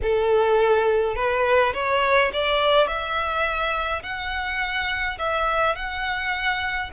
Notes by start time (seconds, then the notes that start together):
0.02 A4
1.15 B4
1.73 C#5
2.33 D5
2.87 E5
4.02 F#5
5.18 E5
5.75 F#5